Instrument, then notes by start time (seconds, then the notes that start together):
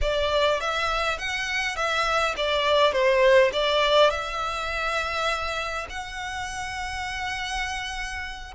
violin
0.01 D5
0.60 E5
1.18 F#5
1.75 E5
2.37 D5
2.92 C5
3.52 D5
4.10 E5
5.89 F#5